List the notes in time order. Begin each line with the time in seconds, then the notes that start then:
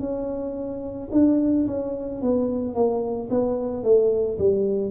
0.00 C#4
1.12 D4
1.67 C#4
2.22 B3
2.75 A#3
3.30 B3
3.84 A3
4.39 G3